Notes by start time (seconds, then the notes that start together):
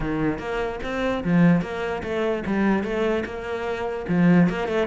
0.00 D#3
0.39 A#3
0.83 C4
1.24 F3
1.61 A#3
2.03 A3
2.46 G3
2.83 A3
3.25 A#3
4.08 F3
4.49 A#3
4.68 A3